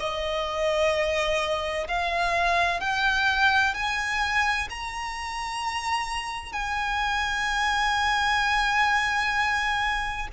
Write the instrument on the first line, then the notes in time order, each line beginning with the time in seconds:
violin
0.00 D#5
1.88 F5
2.80 G5
3.75 G#5
4.70 A#5
6.53 G#5